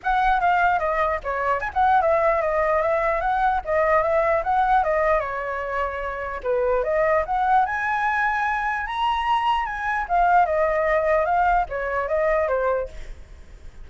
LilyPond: \new Staff \with { instrumentName = "flute" } { \time 4/4 \tempo 4 = 149 fis''4 f''4 dis''4 cis''4 | gis''16 fis''8. e''4 dis''4 e''4 | fis''4 dis''4 e''4 fis''4 | dis''4 cis''2. |
b'4 dis''4 fis''4 gis''4~ | gis''2 ais''2 | gis''4 f''4 dis''2 | f''4 cis''4 dis''4 c''4 | }